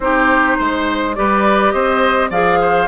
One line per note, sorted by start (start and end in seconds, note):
0.00 0.57 C4
0.00 1.15 D#4
0.00 0.57 G4
0.00 1.15 C5
0.57 1.17 G#3
0.57 1.15 C5
1.15 1.73 G3
1.15 2.30 G4
1.15 1.73 B4
1.15 1.72 D5
1.72 2.30 C4
1.72 2.30 C5
1.72 2.29 D#5
2.30 2.87 F3
2.30 2.87 G#4
2.30 2.59 D5
2.30 2.87 F5
2.60 2.87 C5